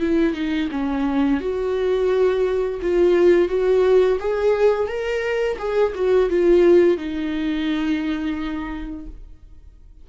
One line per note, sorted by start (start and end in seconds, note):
0.00 0.34 E4
0.34 0.69 D#4
0.71 1.40 C#4
1.40 2.80 F#4
2.82 3.49 F4
3.49 4.18 F#4
4.20 4.88 G#4
4.88 5.58 A#4
5.58 5.93 G#4
5.95 6.29 F#4
6.29 6.97 F4
6.97 9.06 D#4